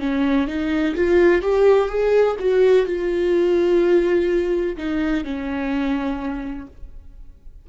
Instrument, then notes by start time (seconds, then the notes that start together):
viola
0.00 C#4
0.48 D#4
0.96 F4
1.42 G4
1.89 G#4
2.39 F#4
2.86 F4
4.77 D#4
5.24 C#4